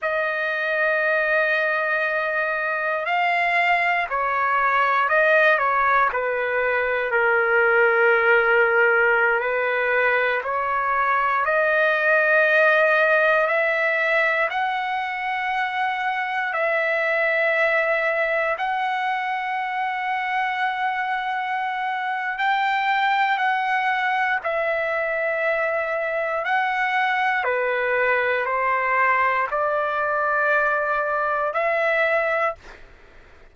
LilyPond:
\new Staff \with { instrumentName = "trumpet" } { \time 4/4 \tempo 4 = 59 dis''2. f''4 | cis''4 dis''8 cis''8 b'4 ais'4~ | ais'4~ ais'16 b'4 cis''4 dis''8.~ | dis''4~ dis''16 e''4 fis''4.~ fis''16~ |
fis''16 e''2 fis''4.~ fis''16~ | fis''2 g''4 fis''4 | e''2 fis''4 b'4 | c''4 d''2 e''4 | }